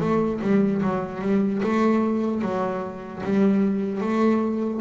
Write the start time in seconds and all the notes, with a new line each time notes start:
0.00 A3
0.41 G3
0.82 F#3
1.21 G3
1.63 A3
2.42 F#3
3.24 G3
4.01 A3